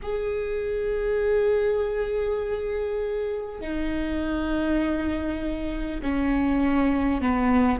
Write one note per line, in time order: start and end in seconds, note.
0.02 3.61 G#4
3.61 6.01 D#4
6.02 7.21 C#4
7.21 7.79 B3